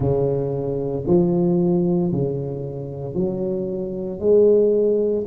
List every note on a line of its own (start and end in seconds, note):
0.00 1.04 C#3
1.06 2.11 F3
2.11 3.14 C#3
3.14 4.19 F#3
4.19 5.24 G#3